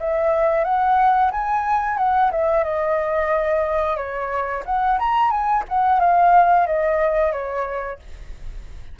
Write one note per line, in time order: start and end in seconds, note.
0.00 0.64 E5
0.64 1.31 F#5
1.32 1.98 G#5
1.98 2.31 F#5
2.32 2.64 E5
2.64 3.97 D#5
3.97 4.63 C#5
4.65 4.99 F#5
4.99 5.31 A#5
5.31 5.64 G#5
5.69 6.00 F#5
6.00 6.67 F5
6.67 7.32 D#5
7.32 7.99 C#5